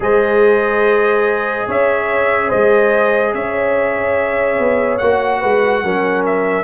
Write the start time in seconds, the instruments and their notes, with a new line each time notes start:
0.00 tuba G#3, trombone G#4, horn C5, trumpet D#5
1.67 tuba C#4, horn C#5, trumpet E5
2.48 tuba G#3, horn C5, trumpet D#5
3.34 tuba C#4, horn C#5, trumpet E5
4.58 tuba B3
4.98 tuba A#3, trombone F#4, trumpet F#5
5.39 tuba G#3, horn B4
5.83 tuba F#3, trombone C#4, horn A#4
6.25 trumpet E5